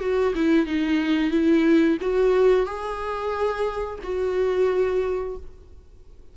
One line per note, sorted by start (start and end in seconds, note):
0.00 0.33 F#4
0.35 0.66 E4
0.66 1.31 D#4
1.31 1.97 E4
2.01 2.66 F#4
2.66 3.99 G#4
4.03 5.36 F#4